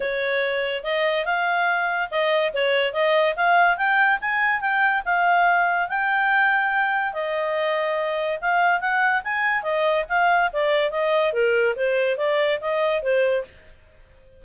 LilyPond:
\new Staff \with { instrumentName = "clarinet" } { \time 4/4 \tempo 4 = 143 cis''2 dis''4 f''4~ | f''4 dis''4 cis''4 dis''4 | f''4 g''4 gis''4 g''4 | f''2 g''2~ |
g''4 dis''2. | f''4 fis''4 gis''4 dis''4 | f''4 d''4 dis''4 ais'4 | c''4 d''4 dis''4 c''4 | }